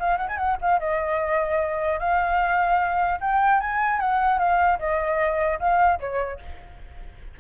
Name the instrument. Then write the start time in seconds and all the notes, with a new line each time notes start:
flute
0.00 F5
0.18 F#5
0.29 G#5
0.38 F#5
0.62 F5
0.80 D#5
2.00 F5
3.21 G5
3.61 G#5
4.00 F#5
4.39 F5
4.79 D#5
5.60 F5
6.00 C#5